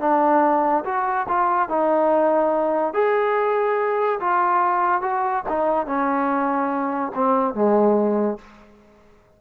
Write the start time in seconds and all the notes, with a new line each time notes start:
0.00 D4
0.85 F#4
1.29 F4
1.69 D#4
2.94 G#4
4.20 F4
5.02 F#4
5.49 D#4
5.86 C#4
7.15 C4
7.54 G#3